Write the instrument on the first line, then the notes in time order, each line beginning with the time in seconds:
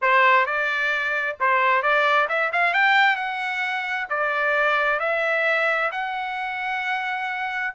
trumpet
0.01 C5
0.45 D5
1.39 C5
1.82 D5
2.29 E5
2.52 F5
2.73 G5
3.16 F#5
4.09 D5
4.99 E5
5.91 F#5